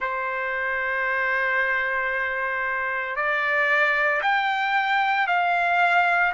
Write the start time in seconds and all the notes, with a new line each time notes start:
0.00 C5
3.16 D5
4.22 G5
5.27 F5